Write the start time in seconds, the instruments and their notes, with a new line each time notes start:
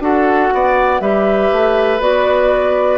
0.00 bassoon D4, clarinet F#4, oboe A4, flute F#5
0.54 bassoon B3, oboe D5
1.01 bassoon G3, clarinet G4, oboe B4, flute E5
1.52 bassoon A3
2.00 bassoon B3, clarinet F#4, flute D5